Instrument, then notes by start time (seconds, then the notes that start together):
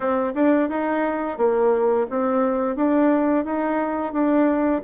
bassoon
0.00 C4
0.34 D4
0.69 D#4
1.37 A#3
2.10 C4
2.76 D4
3.45 D#4
4.12 D4